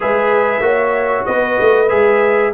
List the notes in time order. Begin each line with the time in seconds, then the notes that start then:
0.00 G#3 G#4 B4 E5
0.60 A#3 F#4 C#5
1.25 B3 B4 D#5
1.59 A3
1.88 G#3 G#4 E5